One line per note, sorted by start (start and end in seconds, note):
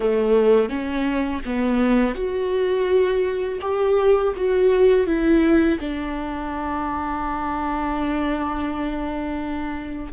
0.00 0.69 A3
0.69 1.41 C#4
1.45 2.14 B3
2.14 3.59 F#4
3.61 4.33 G4
4.36 5.06 F#4
5.06 5.78 E4
5.80 10.12 D4